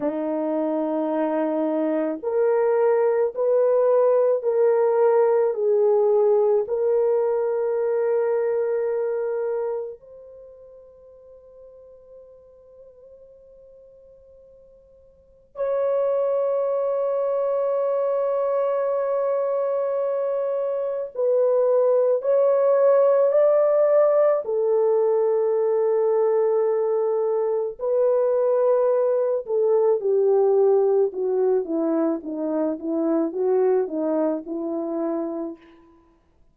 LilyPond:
\new Staff \with { instrumentName = "horn" } { \time 4/4 \tempo 4 = 54 dis'2 ais'4 b'4 | ais'4 gis'4 ais'2~ | ais'4 c''2.~ | c''2 cis''2~ |
cis''2. b'4 | cis''4 d''4 a'2~ | a'4 b'4. a'8 g'4 | fis'8 e'8 dis'8 e'8 fis'8 dis'8 e'4 | }